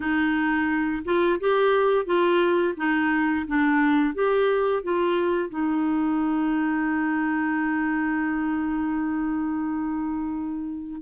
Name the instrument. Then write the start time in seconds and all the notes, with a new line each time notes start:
clarinet
0.00 D#4
1.05 F4
1.40 G4
2.05 F4
2.76 D#4
3.47 D4
4.14 G4
4.83 F4
5.49 D#4